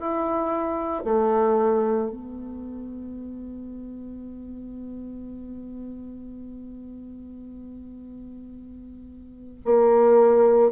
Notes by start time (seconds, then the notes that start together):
0.00 E4
1.04 A3
2.10 B3
9.65 A#3